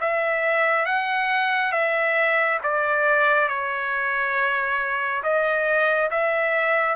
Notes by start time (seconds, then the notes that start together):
0.00 E5
0.85 F#5
1.72 E5
2.63 D5
3.48 C#5
5.23 D#5
6.10 E5